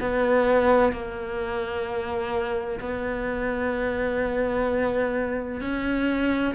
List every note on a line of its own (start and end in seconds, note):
0.00 0.92 B3
0.92 2.80 A#3
2.80 5.60 B3
5.60 6.54 C#4